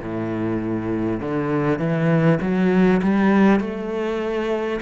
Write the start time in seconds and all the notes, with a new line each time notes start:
0.00 A2
1.19 D3
1.78 E3
2.41 F#3
3.02 G3
3.59 A3